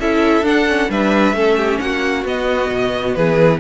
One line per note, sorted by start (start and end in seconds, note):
0.00 0.42 C#4
0.00 0.44 E4
0.00 0.91 A4
0.00 0.46 E5
0.42 0.87 D4
0.42 0.67 D4
0.42 0.91 F#5
0.69 0.90 C#4
0.90 1.33 G3
0.90 1.35 D4
0.90 1.36 B4
0.90 1.79 E5
1.33 1.79 A3
1.33 2.26 C#4
1.33 1.58 A4
1.58 1.80 G4
1.79 2.25 A#3
1.79 3.18 F#4
1.79 2.25 F#5
2.25 2.70 B3
2.25 3.61 B3
2.25 3.15 D#5
2.71 3.16 B2
3.15 3.61 E3
3.15 3.61 G#4
3.15 3.60 B4